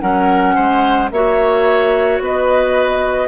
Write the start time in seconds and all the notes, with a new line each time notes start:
0.00 F#3 C#4 A#4 F#5
0.55 G#3 C5
1.11 A#3 F#4 C#5 E5
2.20 B3 B4 D#5